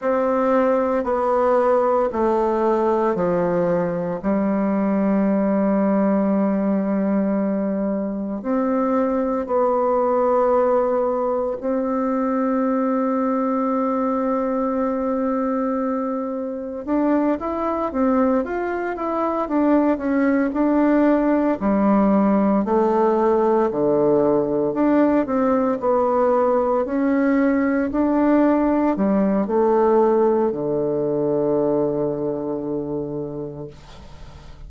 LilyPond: \new Staff \with { instrumentName = "bassoon" } { \time 4/4 \tempo 4 = 57 c'4 b4 a4 f4 | g1 | c'4 b2 c'4~ | c'1 |
d'8 e'8 c'8 f'8 e'8 d'8 cis'8 d'8~ | d'8 g4 a4 d4 d'8 | c'8 b4 cis'4 d'4 g8 | a4 d2. | }